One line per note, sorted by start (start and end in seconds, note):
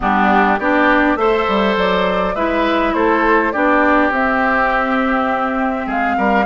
0.00 0.58 G3
0.00 0.57 B3
0.00 0.59 D4
0.00 0.59 G4
0.58 1.15 B3
0.58 1.17 D4
0.58 1.18 G4
0.58 1.16 D5
1.15 1.45 A3
1.15 2.34 A4
1.15 2.35 C5
1.15 1.75 E5
1.48 1.76 G3
1.76 2.35 F#3
1.76 2.35 D5
2.35 2.93 G#3
2.35 3.53 E4
2.35 2.94 B4
2.35 2.93 E5
2.93 3.53 A3
2.93 3.52 A4
2.93 3.52 C5
3.52 4.10 B3
3.52 4.12 D4
3.52 5.86 G4
3.52 4.11 D5
4.10 5.86 C4
4.10 6.45 C4
4.10 5.89 E5
5.86 6.16 G#3
5.86 6.15 G#4
5.86 6.45 F5
6.17 6.45 G3
6.17 6.45 A#4